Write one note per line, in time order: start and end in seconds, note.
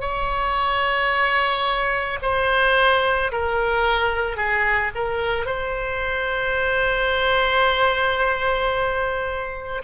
0.00 2.18 C#5
2.22 3.31 C5
3.31 4.36 A#4
4.36 4.91 G#4
4.94 5.45 A#4
5.45 9.82 C5